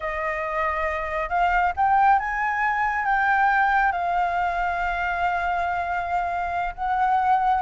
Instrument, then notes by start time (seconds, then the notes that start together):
flute
0.00 D#5
1.29 F5
1.76 G5
2.19 G#5
3.05 G5
3.92 F5
6.75 F#5